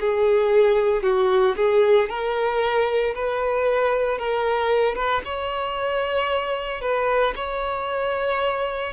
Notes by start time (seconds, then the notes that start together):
0.00 G#4
1.02 F#4
1.56 G#4
2.09 A#4
3.14 B4
4.18 A#4
4.95 B4
5.24 C#5
6.81 B4
7.35 C#5